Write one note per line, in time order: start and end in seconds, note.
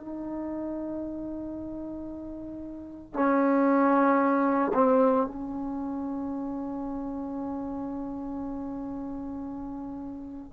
0.00 3.14 D#4
3.14 4.72 C#4
4.74 5.27 C4
5.27 10.53 C#4